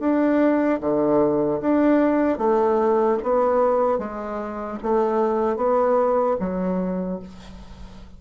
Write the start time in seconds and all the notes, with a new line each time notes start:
0.00 D4
0.81 D3
1.61 D4
2.39 A3
3.23 B3
3.99 G#3
4.83 A3
5.57 B3
6.40 F#3